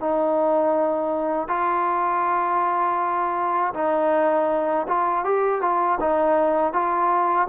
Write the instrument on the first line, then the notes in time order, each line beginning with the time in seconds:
trombone
0.00 D#4
1.49 F4
3.74 D#4
4.88 F4
5.25 G4
5.61 F4
6.00 D#4
6.73 F4